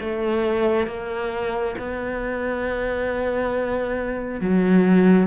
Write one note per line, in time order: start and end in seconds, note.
0.00 0.87 A3
0.87 1.75 A#3
1.78 4.41 B3
4.41 5.27 F#3